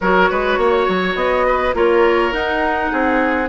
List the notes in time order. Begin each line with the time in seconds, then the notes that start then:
0.00 F#3 F#4 A#4 C#5
0.29 G#3 B4
0.57 A#3 C#5
0.88 F#3
1.15 B3 D#5
1.46 B4
1.73 A#3 F4 A#4 C#5
2.32 D#4 F#5
2.91 C4 G#4